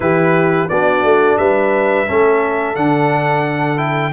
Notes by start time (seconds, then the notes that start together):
0.00 E3 E4 G4 B4
0.68 B3 D4 F#4 D5
1.03 A3
1.37 G3 B4 E5
2.06 A3 C#4 A4
2.75 D3 D4 F#5
3.77 E4 G5